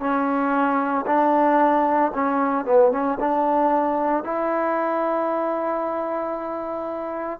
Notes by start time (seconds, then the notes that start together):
0.00 C#4
1.06 D4
2.14 C#4
2.65 B3
2.91 C#4
3.20 D4
4.24 E4